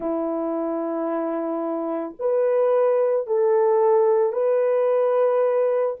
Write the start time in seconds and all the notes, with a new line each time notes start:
0.00 E4
2.19 B4
3.26 A4
4.32 B4